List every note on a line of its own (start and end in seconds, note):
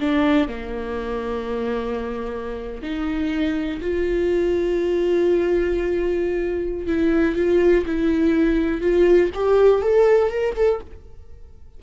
0.00 0.49 D4
0.49 2.82 A#3
2.83 3.81 D#4
3.82 6.87 F4
6.87 7.36 E4
7.36 7.85 F4
7.86 8.82 E4
8.82 9.31 F4
9.35 9.82 G4
9.82 10.31 A4
10.31 10.56 A#4
10.56 10.81 A4